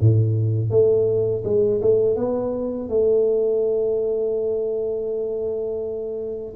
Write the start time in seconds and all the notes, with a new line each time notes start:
0.00 A2
0.70 A3
1.44 G#3
1.82 A3
2.16 B3
2.89 A3